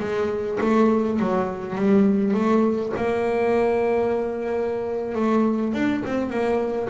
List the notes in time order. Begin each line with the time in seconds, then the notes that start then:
0.00 G#3
0.61 A3
1.20 F#3
1.76 G3
2.34 A3
2.97 A#3
5.16 A3
5.74 D4
6.06 C4
6.30 A#3